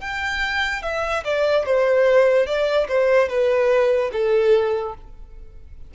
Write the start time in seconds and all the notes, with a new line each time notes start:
0.00 G5
0.82 E5
1.24 D5
1.66 C5
2.46 D5
2.88 C5
3.28 B4
4.12 A4